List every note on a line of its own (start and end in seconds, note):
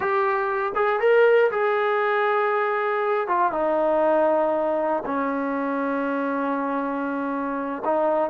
0.00 0.72 G4
0.75 1.00 G#4
1.00 1.50 A#4
1.51 3.27 G#4
3.27 3.52 F4
3.52 5.03 D#4
5.05 7.82 C#4
7.84 8.30 D#4